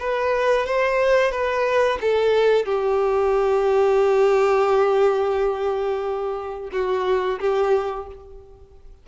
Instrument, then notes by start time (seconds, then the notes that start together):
violin
0.00 B4
0.66 C5
1.31 B4
2.01 A4
2.66 G4
6.72 F#4
7.40 G4